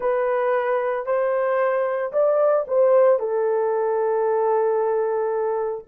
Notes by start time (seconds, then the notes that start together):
0.00 B4
1.05 C5
2.12 D5
2.67 C5
3.19 A4